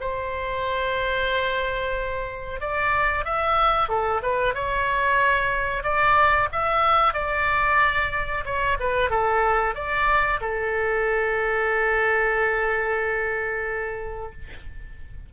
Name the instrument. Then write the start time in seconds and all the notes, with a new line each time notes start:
oboe
0.00 C5
2.60 D5
3.24 E5
3.88 A4
4.22 B4
4.54 C#5
5.83 D5
6.52 E5
7.14 D5
8.45 C#5
8.79 B4
9.09 A4
9.74 D5
10.41 A4